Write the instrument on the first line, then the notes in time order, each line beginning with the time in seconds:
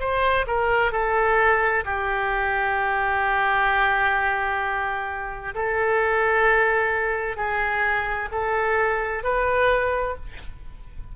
oboe
0.00 C5
0.47 A#4
0.92 A4
1.85 G4
5.55 A4
7.37 G#4
8.31 A4
9.23 B4